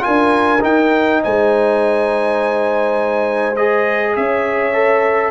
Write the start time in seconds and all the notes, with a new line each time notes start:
0.00 F4 A#4 G#5
0.07 D4
0.61 D#4 G5
1.23 G#3 C5 G#5
3.56 G#4 D#5
4.16 C#4 C#5 E5
4.73 A4